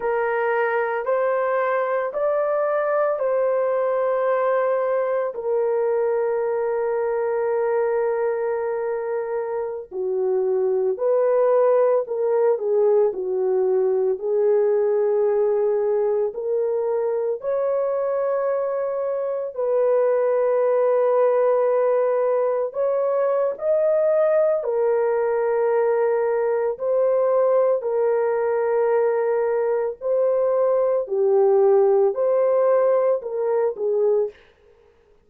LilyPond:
\new Staff \with { instrumentName = "horn" } { \time 4/4 \tempo 4 = 56 ais'4 c''4 d''4 c''4~ | c''4 ais'2.~ | ais'4~ ais'16 fis'4 b'4 ais'8 gis'16~ | gis'16 fis'4 gis'2 ais'8.~ |
ais'16 cis''2 b'4.~ b'16~ | b'4~ b'16 cis''8. dis''4 ais'4~ | ais'4 c''4 ais'2 | c''4 g'4 c''4 ais'8 gis'8 | }